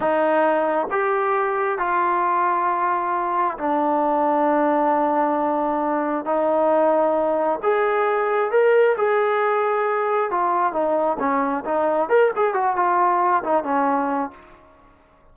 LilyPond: \new Staff \with { instrumentName = "trombone" } { \time 4/4 \tempo 4 = 134 dis'2 g'2 | f'1 | d'1~ | d'2 dis'2~ |
dis'4 gis'2 ais'4 | gis'2. f'4 | dis'4 cis'4 dis'4 ais'8 gis'8 | fis'8 f'4. dis'8 cis'4. | }